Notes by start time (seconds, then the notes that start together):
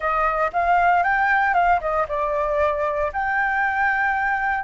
0.00 D#5
0.52 F5
1.03 G5
1.54 F5
1.80 D#5
2.08 D5
3.12 G5